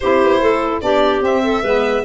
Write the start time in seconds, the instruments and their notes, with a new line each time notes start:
0.00 tuba C4, saxophone E4, clarinet G4, violin C5
0.23 tuba B3
0.40 tuba A3, clarinet A4
0.81 tuba B3, saxophone D4, clarinet G4, violin D5
1.19 tuba C4, saxophone C4, violin E5
1.43 clarinet A4
1.62 tuba G#3, saxophone B3, clarinet B4